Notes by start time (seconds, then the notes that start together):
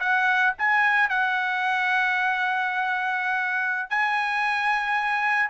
0.00 F#5
0.58 G#5
1.10 F#5
3.90 G#5